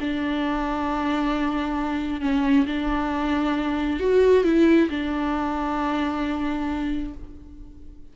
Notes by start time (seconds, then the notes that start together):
0.00 D4
2.21 C#4
2.66 D4
4.00 F#4
4.44 E4
4.90 D4